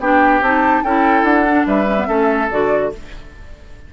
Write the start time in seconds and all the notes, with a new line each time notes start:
0.00 B3 D4 G4 G5
0.41 C4 D#4 A5
0.84 C#4 E4 A4 G5
1.23 D4 F#5
1.48 D4
1.67 G3 B4 E5
1.87 C#4
1.97 B3
2.07 A3 C#4 A4
2.51 D3 F#4 D5